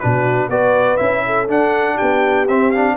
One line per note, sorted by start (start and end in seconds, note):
0.00 0.49 B2
0.00 0.51 D4
0.00 0.50 F#4
0.00 0.49 B4
0.49 0.98 B3
0.49 0.99 F#4
0.49 1.24 B4
0.49 0.97 D5
0.97 1.49 C#4
0.97 1.48 E4
0.97 1.46 E5
1.26 1.96 A4
1.49 1.98 D4
1.49 2.48 D4
1.49 1.98 F#5
1.96 2.94 G4
1.96 2.47 G5
2.02 2.49 B3
2.48 2.97 C4
2.48 2.74 C4
2.48 2.72 E5
2.72 2.97 D4
2.72 2.96 F5